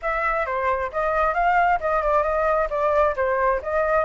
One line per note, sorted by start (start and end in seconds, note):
0.02 0.46 E5
0.46 0.91 C5
0.91 1.34 D#5
1.34 1.79 F5
1.80 2.02 D#5
2.02 2.23 D5
2.23 2.68 D#5
2.70 3.15 D5
3.16 3.61 C5
3.62 4.04 D#5